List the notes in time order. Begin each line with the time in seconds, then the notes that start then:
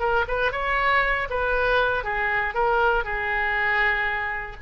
0.00 A#4
0.28 B4
0.52 C#5
1.30 B4
2.04 G#4
2.54 A#4
3.04 G#4